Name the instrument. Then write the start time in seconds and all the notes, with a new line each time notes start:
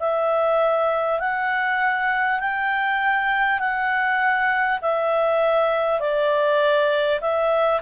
clarinet
0.00 E5
1.19 F#5
2.39 G5
3.59 F#5
4.82 E5
6.01 D5
7.21 E5